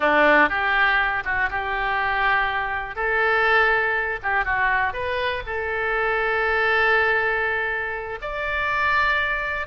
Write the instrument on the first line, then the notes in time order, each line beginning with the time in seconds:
oboe
0.00 D4
0.49 G4
1.24 F#4
1.50 G4
2.95 A4
4.22 G4
4.44 F#4
4.93 B4
5.46 A4
8.21 D5